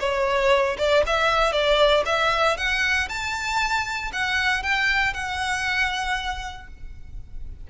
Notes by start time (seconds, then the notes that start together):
0.00 C#5
0.78 D5
1.06 E5
1.52 D5
2.06 E5
2.57 F#5
3.09 A5
4.13 F#5
4.63 G5
5.14 F#5